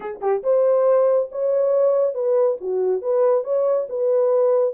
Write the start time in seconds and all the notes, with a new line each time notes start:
0.00 G#4
0.21 G4
0.43 C5
1.31 C#5
2.14 B4
2.60 F#4
3.01 B4
3.44 C#5
3.89 B4